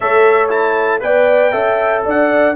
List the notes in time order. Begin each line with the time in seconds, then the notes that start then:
0.00 A3 A4 C#5 E5
0.49 E4 A5
1.00 B3 B4 D5 G5
1.51 C#4 A4 E5
2.05 D4 D5 F#5